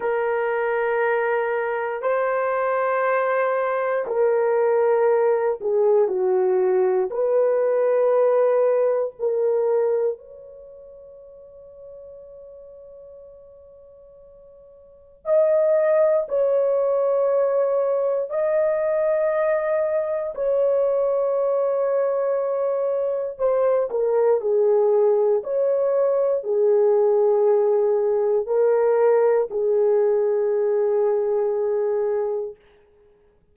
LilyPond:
\new Staff \with { instrumentName = "horn" } { \time 4/4 \tempo 4 = 59 ais'2 c''2 | ais'4. gis'8 fis'4 b'4~ | b'4 ais'4 cis''2~ | cis''2. dis''4 |
cis''2 dis''2 | cis''2. c''8 ais'8 | gis'4 cis''4 gis'2 | ais'4 gis'2. | }